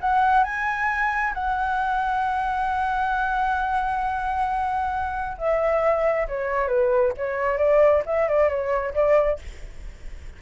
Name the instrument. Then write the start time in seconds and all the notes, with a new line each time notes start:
flute
0.00 F#5
0.43 G#5
1.34 F#5
5.38 E5
6.28 C#5
6.68 B4
7.16 C#5
7.58 D5
8.05 E5
8.28 D5
8.49 C#5
8.94 D5